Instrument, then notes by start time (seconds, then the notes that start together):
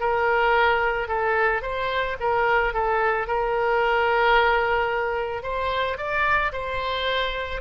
oboe
0.00 A#4
1.08 A4
1.62 C5
2.20 A#4
2.73 A4
3.27 A#4
5.43 C5
5.98 D5
6.53 C5